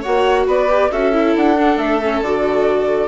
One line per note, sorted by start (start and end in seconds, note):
0.00 0.68 F#4
0.00 0.44 C#5
0.00 0.46 F#5
0.06 0.46 A#3
0.46 0.90 B3
0.46 0.91 B4
0.46 0.92 D5
0.68 0.90 G4
0.91 1.35 C#4
0.91 1.13 F#4
0.91 3.07 A4
0.91 1.35 E5
1.13 1.56 E4
1.35 1.77 D4
1.35 1.78 F#5
1.57 2.01 D4
1.77 2.20 A3
1.77 2.22 E5
2.02 2.23 C#4
2.21 3.07 D3
2.21 3.07 F#4
2.21 3.07 D5